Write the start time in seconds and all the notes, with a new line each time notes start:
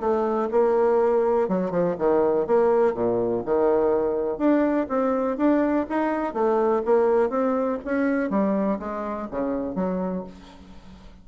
0.00 A3
0.51 A#3
1.48 F#3
1.71 F3
1.98 D#3
2.47 A#3
2.94 A#2
3.45 D#3
4.38 D4
4.89 C4
5.37 D4
5.89 D#4
6.33 A3
6.85 A#3
7.29 C4
7.85 C#4
8.30 G3
8.79 G#3
9.31 C#3
9.75 F#3